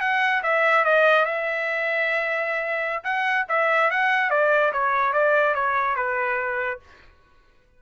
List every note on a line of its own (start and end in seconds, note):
0.00 0.42 F#5
0.43 0.84 E5
0.84 1.25 D#5
1.25 3.03 E5
3.03 3.45 F#5
3.48 3.90 E5
3.90 4.30 F#5
4.30 4.72 D5
4.72 5.12 C#5
5.12 5.54 D5
5.54 5.96 C#5
5.96 6.80 B4